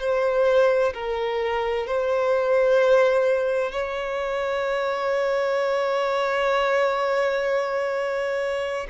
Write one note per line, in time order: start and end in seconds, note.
0.00 0.94 C5
0.95 1.87 A#4
1.87 3.72 C5
3.72 8.88 C#5